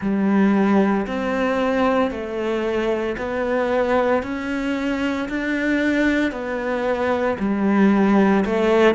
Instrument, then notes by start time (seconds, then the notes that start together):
cello
0.01 G3
1.07 C4
2.11 A3
3.17 B3
4.22 C#4
5.29 D4
6.31 B3
7.39 G3
8.45 A3